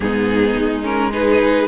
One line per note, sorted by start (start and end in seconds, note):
0.00 0.56 G#2
0.00 0.82 B3
0.00 1.12 D#4
0.00 0.84 G#4
0.56 1.68 G#3
0.82 1.11 C#4
0.82 1.12 A#4
1.12 1.68 D#4
1.12 1.68 G#4
1.12 1.68 B4